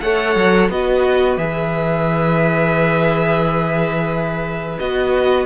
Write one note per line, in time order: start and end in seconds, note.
0.00 0.35 A3
0.00 0.70 A4
0.00 0.70 C#5
0.00 0.68 F#5
0.35 0.68 F#3
0.68 1.37 B3
0.68 1.38 F#4
0.68 5.46 B4
0.68 1.37 D#5
1.37 4.78 E3
1.37 4.79 G#4
1.37 4.78 E5
4.78 5.46 B3
4.78 5.46 F#4
4.78 5.46 D#5